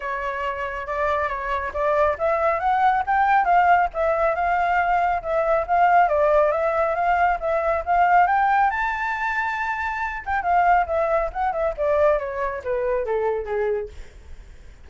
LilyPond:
\new Staff \with { instrumentName = "flute" } { \time 4/4 \tempo 4 = 138 cis''2 d''4 cis''4 | d''4 e''4 fis''4 g''4 | f''4 e''4 f''2 | e''4 f''4 d''4 e''4 |
f''4 e''4 f''4 g''4 | a''2.~ a''8 g''8 | f''4 e''4 fis''8 e''8 d''4 | cis''4 b'4 a'4 gis'4 | }